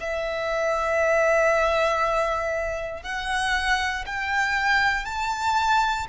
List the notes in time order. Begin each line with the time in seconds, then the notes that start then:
0.00 E5
3.03 F#5
4.06 G5
5.05 A5